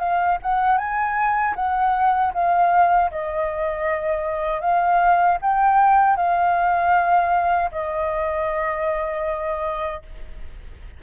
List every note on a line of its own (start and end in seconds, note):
0.00 0.38 F5
0.43 0.78 F#5
0.78 1.55 G#5
1.56 2.33 F#5
2.34 3.11 F5
3.11 4.62 D#5
4.62 5.38 F5
5.42 6.17 G5
6.17 7.71 F5
7.72 10.03 D#5